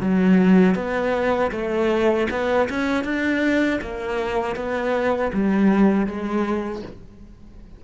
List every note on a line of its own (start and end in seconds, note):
0.00 0.75 F#3
0.75 1.51 B3
1.51 2.27 A3
2.31 2.69 B3
2.69 3.04 C#4
3.04 3.80 D4
3.81 4.55 A#3
4.55 5.31 B3
5.33 6.06 G3
6.06 6.82 G#3